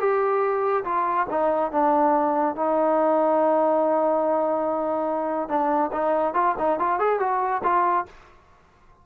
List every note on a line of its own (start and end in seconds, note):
0.00 0.85 G4
0.85 1.27 F4
1.31 1.72 D#4
1.72 2.56 D4
2.56 5.49 D#4
5.49 5.91 D4
5.93 6.34 D#4
6.34 6.56 F4
6.59 6.80 D#4
6.80 7.00 F4
7.00 7.20 G#4
7.20 7.62 F#4
7.64 8.06 F4